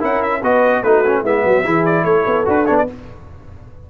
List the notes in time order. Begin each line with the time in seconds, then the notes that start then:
0.00 C#4 E4 A#4 F#5
0.23 E5
0.41 B3 F#4 B4 D#5
0.83 A3 D#4 F#4 B4
1.07 C#4
1.22 G#3 B3 E4 E5
1.45 F#3 F#4
1.63 E3 E4 G#4
1.86 D5
2.04 A3 A4 C#5
2.27 B3
2.45 D4 F#4 B4
2.66 B3 D4 C#5
2.78 D5